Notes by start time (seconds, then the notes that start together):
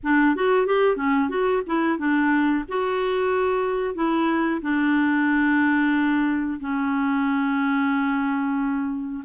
0.03 D4
0.35 F#4
0.66 G4
0.96 C#4
1.29 F#4
1.66 E4
1.98 D4
2.68 F#4
3.94 E4
4.61 D4
6.59 C#4